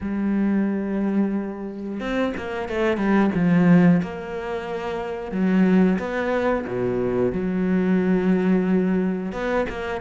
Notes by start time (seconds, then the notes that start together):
0.00 G3
1.99 C4
2.37 A#3
2.68 A3
2.97 G3
3.35 F3
4.02 A#3
5.32 F#3
5.98 B3
6.67 B2
7.32 F#3
9.32 B3
9.69 A#3